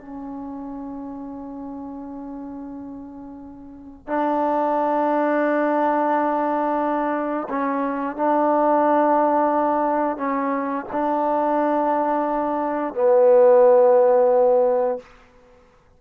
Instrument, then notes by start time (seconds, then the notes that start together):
trombone
0.00 C#4
4.08 D4
7.50 C#4
8.17 D4
10.17 C#4
10.93 D4
12.95 B3